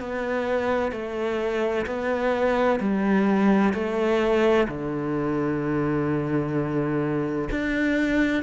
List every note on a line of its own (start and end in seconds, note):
0.00 0.92 B3
0.92 1.86 A3
1.87 2.80 B3
2.80 3.74 G3
3.74 4.68 A3
4.68 7.49 D3
7.51 8.43 D4